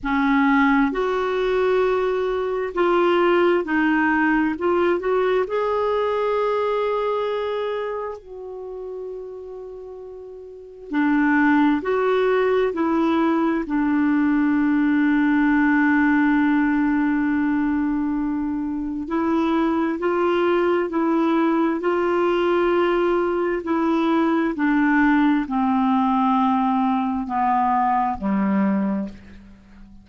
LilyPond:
\new Staff \with { instrumentName = "clarinet" } { \time 4/4 \tempo 4 = 66 cis'4 fis'2 f'4 | dis'4 f'8 fis'8 gis'2~ | gis'4 fis'2. | d'4 fis'4 e'4 d'4~ |
d'1~ | d'4 e'4 f'4 e'4 | f'2 e'4 d'4 | c'2 b4 g4 | }